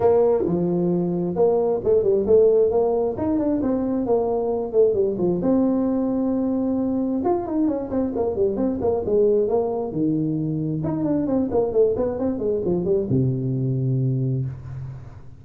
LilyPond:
\new Staff \with { instrumentName = "tuba" } { \time 4/4 \tempo 4 = 133 ais4 f2 ais4 | a8 g8 a4 ais4 dis'8 d'8 | c'4 ais4. a8 g8 f8 | c'1 |
f'8 dis'8 cis'8 c'8 ais8 g8 c'8 ais8 | gis4 ais4 dis2 | dis'8 d'8 c'8 ais8 a8 b8 c'8 gis8 | f8 g8 c2. | }